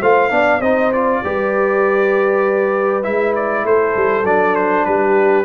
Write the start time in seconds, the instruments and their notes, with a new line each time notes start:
0.00 tuba A3, trombone F4, horn C5, trumpet F5
0.30 tuba B3, trombone D4, horn D5
0.60 tuba C4, trombone D#4, horn C5, trumpet D#5
0.92 trombone F4, trumpet D5
1.23 tuba G3, trombone G4, horn B4
3.03 tuba G#3, trombone E4, trumpet E5
3.35 trumpet D5
3.64 tuba A3, horn A4, trumpet C5
3.95 tuba G3
4.24 tuba F#3, trombone D4, trumpet D5
4.55 trumpet C5
4.85 tuba G3, horn G4, trumpet B4